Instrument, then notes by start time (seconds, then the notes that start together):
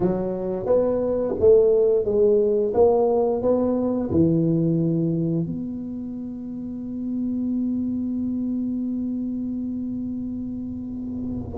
tuba
0.00 F#3
0.66 B3
1.39 A3
2.05 G#3
2.74 A#3
3.42 B3
4.10 E3
5.46 B3